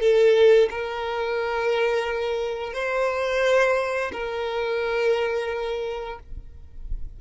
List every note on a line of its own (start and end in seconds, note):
0.00 0.69 A4
0.70 2.73 A#4
2.73 4.11 C5
4.12 6.19 A#4